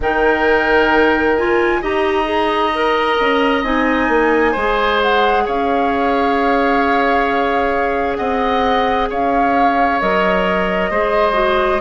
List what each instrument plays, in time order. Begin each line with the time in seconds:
0.00 bassoon D#3, clarinet D#4, oboe A#4, flute G5
1.36 clarinet F4, flute G#5
1.81 bassoon D#4, clarinet G4, oboe D#5, flute A#5
2.24 clarinet G#4
2.74 clarinet A#4
3.20 bassoon C#4
3.63 bassoon C4, clarinet D#4, flute G#5
4.08 bassoon A#3
4.52 bassoon G#3, clarinet G#4, oboe C5
5.01 flute F#5
5.45 bassoon C#4, oboe C#5, flute F5
8.16 bassoon C4, oboe D#5, flute F#5
9.09 bassoon C#4, oboe C#5, flute F5
10.00 bassoon F#3, clarinet A#4, flute D#5
10.90 bassoon G#3, clarinet G#4, oboe C5
11.32 clarinet F#4